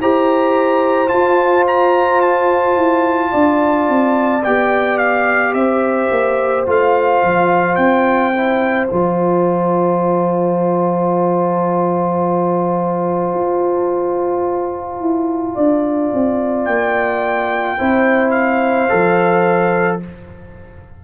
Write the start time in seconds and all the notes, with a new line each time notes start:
0.00 E4 G4 C5 A#5
1.07 F4 A5
1.67 A#5
2.21 A5
2.76 E4
3.31 D4 D5
3.88 C4
4.43 B3 G4 G5
4.97 F5
5.53 C4 C5 E5
6.11 A#3
6.66 A3 F4 F5
7.23 F3
7.75 C4 G5
8.33 E4
8.86 F3 F4 A5
13.34 F4
15.00 E4
15.54 D4 D5
16.13 C4
16.65 A#3 G5
17.77 C4 E4 C5
18.31 F5
18.89 F3 A4